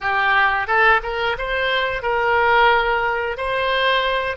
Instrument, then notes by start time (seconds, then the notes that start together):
oboe
0.01 G4
0.67 A4
1.03 A#4
1.38 C5
2.02 A#4
3.37 C5